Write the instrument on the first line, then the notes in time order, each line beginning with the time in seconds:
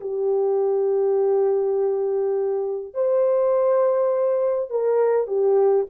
horn
0.00 G4
2.94 C5
4.70 A#4
5.27 G4